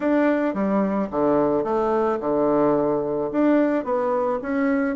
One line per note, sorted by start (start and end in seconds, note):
0.00 0.54 D4
0.54 1.09 G3
1.10 1.64 D3
1.64 2.19 A3
2.20 3.30 D3
3.32 3.84 D4
3.84 4.39 B3
4.42 4.96 C#4